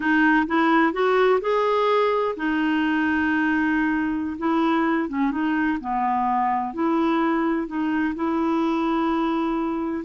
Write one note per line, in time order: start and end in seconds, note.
0.00 0.46 D#4
0.46 0.92 E4
0.92 1.40 F#4
1.40 2.35 G#4
2.36 4.37 D#4
4.38 5.09 E4
5.09 5.31 C#4
5.31 5.78 D#4
5.80 6.73 B3
6.73 7.67 E4
7.67 8.14 D#4
8.15 10.04 E4